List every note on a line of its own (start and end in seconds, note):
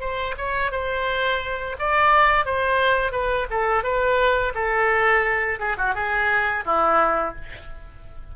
0.00 0.35 C5
0.37 0.71 C#5
0.71 1.76 C5
1.79 2.45 D5
2.45 3.12 C5
3.12 3.47 B4
3.50 3.83 A4
3.83 4.53 B4
4.54 5.59 A4
5.59 5.77 G#4
5.77 5.94 F#4
5.94 6.64 G#4
6.65 7.35 E4